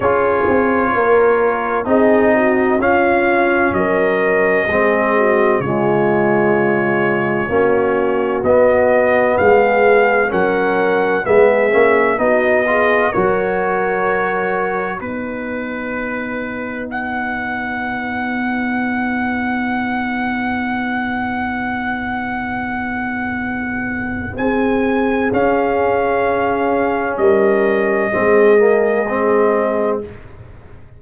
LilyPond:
<<
  \new Staff \with { instrumentName = "trumpet" } { \time 4/4 \tempo 4 = 64 cis''2 dis''4 f''4 | dis''2 cis''2~ | cis''4 dis''4 f''4 fis''4 | e''4 dis''4 cis''2 |
b'2 fis''2~ | fis''1~ | fis''2 gis''4 f''4~ | f''4 dis''2. | }
  \new Staff \with { instrumentName = "horn" } { \time 4/4 gis'4 ais'4 gis'8 fis'8 f'4 | ais'4 gis'8 fis'8 f'2 | fis'2 gis'4 ais'4 | gis'4 fis'8 gis'8 ais'2 |
b'1~ | b'1~ | b'2 gis'2~ | gis'4 ais'4 gis'2 | }
  \new Staff \with { instrumentName = "trombone" } { \time 4/4 f'2 dis'4 cis'4~ | cis'4 c'4 gis2 | cis'4 b2 cis'4 | b8 cis'8 dis'8 f'8 fis'2 |
dis'1~ | dis'1~ | dis'2. cis'4~ | cis'2 c'8 ais8 c'4 | }
  \new Staff \with { instrumentName = "tuba" } { \time 4/4 cis'8 c'8 ais4 c'4 cis'4 | fis4 gis4 cis2 | ais4 b4 gis4 fis4 | gis8 ais8 b4 fis2 |
b1~ | b1~ | b2 c'4 cis'4~ | cis'4 g4 gis2 | }
>>